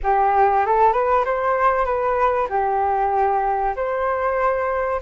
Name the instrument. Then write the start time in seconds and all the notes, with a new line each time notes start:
flute
0.03 G4
0.66 A4
0.93 B4
1.24 C5
1.85 B4
2.49 G4
3.76 C5